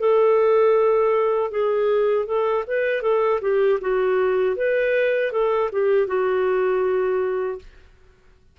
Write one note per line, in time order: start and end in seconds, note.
0.00 1.51 A4
1.51 2.26 G#4
2.26 2.64 A4
2.67 3.02 B4
3.02 3.40 A4
3.41 3.79 G4
3.81 4.56 F#4
4.56 5.32 B4
5.32 5.70 A4
5.72 6.07 G4
6.07 7.59 F#4